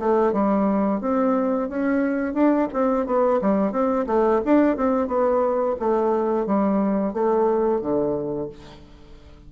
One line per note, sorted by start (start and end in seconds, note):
0.00 0.33 A3
0.33 1.01 G3
1.01 1.70 C4
1.70 2.34 C#4
2.34 2.68 D4
2.73 3.07 C4
3.07 3.41 B3
3.42 3.72 G3
3.72 4.06 C4
4.07 4.41 A3
4.45 4.77 D4
4.77 5.08 C4
5.08 5.76 B3
5.80 6.46 A3
6.46 7.14 G3
7.14 7.81 A3
7.81 8.49 D3